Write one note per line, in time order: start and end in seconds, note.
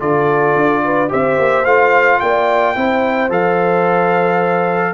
0.00 0.56 D3
0.00 1.09 F4
0.00 0.83 A4
0.00 1.11 D5
0.56 1.11 D4
0.84 1.11 B4
1.09 1.38 C4
1.09 1.64 G4
1.09 2.21 C5
1.09 1.65 E5
1.38 1.65 A#3
1.65 2.20 A3
1.65 2.75 F4
1.65 2.20 F5
2.20 2.76 A#3
2.20 2.77 D5
2.20 3.30 G5
2.75 3.30 C4
2.75 3.30 E4
2.75 4.94 C5
3.30 4.94 F3
3.30 4.94 A4
3.30 4.94 F5